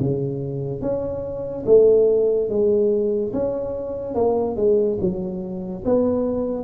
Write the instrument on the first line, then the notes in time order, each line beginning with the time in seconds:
tuba
0.00 C#3
0.81 C#4
1.66 A3
2.50 G#3
3.33 C#4
4.15 A#3
4.56 G#3
5.01 F#3
5.85 B3